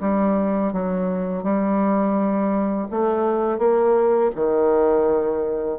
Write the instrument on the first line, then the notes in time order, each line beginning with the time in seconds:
bassoon
0.00 G3
0.72 F#3
1.43 G3
2.90 A3
3.58 A#3
4.35 D#3